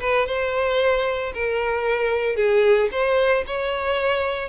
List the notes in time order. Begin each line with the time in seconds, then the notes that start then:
0.00 B4
0.27 C5
1.34 A#4
2.36 G#4
2.92 C5
3.47 C#5